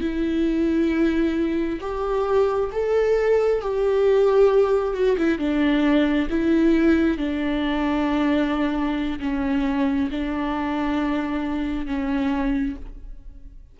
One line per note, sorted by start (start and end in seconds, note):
0.00 1.79 E4
1.80 2.70 G4
2.72 3.61 A4
3.61 4.94 G4
4.94 5.16 F#4
5.17 5.38 E4
5.38 6.28 D4
6.30 7.17 E4
7.17 9.19 D4
9.20 10.09 C#4
10.11 11.86 D4
11.86 12.75 C#4